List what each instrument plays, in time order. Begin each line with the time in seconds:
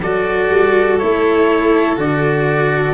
0.00 tuba F#3, cello F#4, violin A4, trumpet D5
0.50 tuba G3
0.98 tuba A3, cello E4, trumpet C#5
1.96 tuba D3, cello F#4, trumpet D5